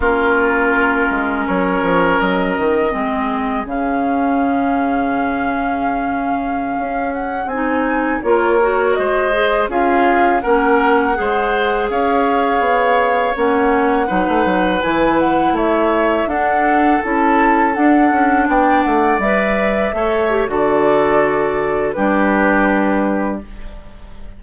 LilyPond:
<<
  \new Staff \with { instrumentName = "flute" } { \time 4/4 \tempo 4 = 82 ais'2 cis''4 dis''4~ | dis''4 f''2.~ | f''4.~ f''16 fis''8 gis''4 cis''8.~ | cis''16 dis''4 f''4 fis''4.~ fis''16~ |
fis''16 f''2 fis''4.~ fis''16~ | fis''16 gis''8 fis''8 e''4 fis''4 a''8.~ | a''16 fis''4 g''8 fis''8 e''4.~ e''16 | d''2 b'2 | }
  \new Staff \with { instrumentName = "oboe" } { \time 4/4 f'2 ais'2 | gis'1~ | gis'2.~ gis'16 ais'8.~ | ais'16 c''4 gis'4 ais'4 c''8.~ |
c''16 cis''2. b'8.~ | b'4~ b'16 cis''4 a'4.~ a'16~ | a'4~ a'16 d''2 cis''8. | a'2 g'2 | }
  \new Staff \with { instrumentName = "clarinet" } { \time 4/4 cis'1 | c'4 cis'2.~ | cis'2~ cis'16 dis'4 f'8 fis'16~ | fis'8. gis'8 f'4 cis'4 gis'8.~ |
gis'2~ gis'16 cis'4 dis'8.~ | dis'16 e'2 d'4 e'8.~ | e'16 d'2 b'4 a'8 g'16 | fis'2 d'2 | }
  \new Staff \with { instrumentName = "bassoon" } { \time 4/4 ais4. gis8 fis8 f8 fis8 dis8 | gis4 cis2.~ | cis4~ cis16 cis'4 c'4 ais8.~ | ais16 gis4 cis'4 ais4 gis8.~ |
gis16 cis'4 b4 ais4 fis16 a16 fis16~ | fis16 e4 a4 d'4 cis'8.~ | cis'16 d'8 cis'8 b8 a8 g4 a8. | d2 g2 | }
>>